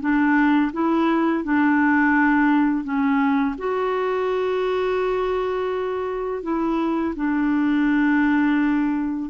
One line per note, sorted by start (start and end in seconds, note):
0.00 0.71 D4
0.73 1.44 E4
1.44 2.84 D4
2.84 3.55 C#4
3.58 6.43 F#4
6.43 7.14 E4
7.16 9.30 D4